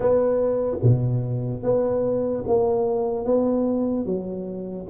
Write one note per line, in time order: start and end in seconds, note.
0.00 0.77 B3
0.83 1.63 B2
1.63 2.44 B3
2.47 3.25 A#3
3.25 4.05 B3
4.05 4.86 F#3